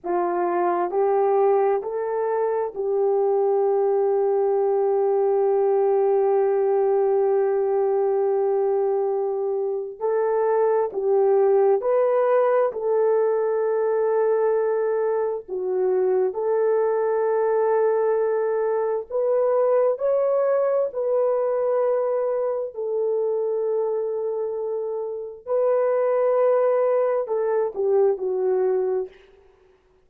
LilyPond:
\new Staff \with { instrumentName = "horn" } { \time 4/4 \tempo 4 = 66 f'4 g'4 a'4 g'4~ | g'1~ | g'2. a'4 | g'4 b'4 a'2~ |
a'4 fis'4 a'2~ | a'4 b'4 cis''4 b'4~ | b'4 a'2. | b'2 a'8 g'8 fis'4 | }